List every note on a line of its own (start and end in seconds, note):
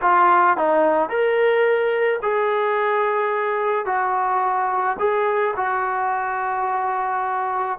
0.02 0.57 F4
0.57 1.09 D#4
1.09 2.20 A#4
2.22 3.85 G#4
3.85 4.96 F#4
4.98 5.54 G#4
5.56 7.78 F#4